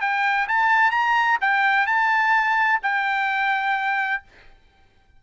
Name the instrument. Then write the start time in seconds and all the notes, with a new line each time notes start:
trumpet
0.00 G5
0.48 A5
0.91 A#5
1.41 G5
1.86 A5
2.82 G5